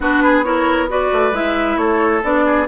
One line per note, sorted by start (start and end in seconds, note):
0.00 1.11 B3
0.00 0.44 D4
0.00 0.23 F#4
0.00 0.43 B4
0.23 0.45 G#4
0.43 0.88 E4
0.43 0.90 A#4
0.43 0.88 C#5
0.88 1.32 F#4
0.88 1.79 B4
0.88 1.35 D5
1.12 1.31 A3
1.31 1.76 G#3
1.31 2.22 E4
1.31 1.77 E5
1.77 2.21 A3
1.77 2.45 A4
1.77 2.22 C#5
2.22 2.67 B3
2.22 2.67 D4
2.22 2.67 D5
2.45 2.67 G#4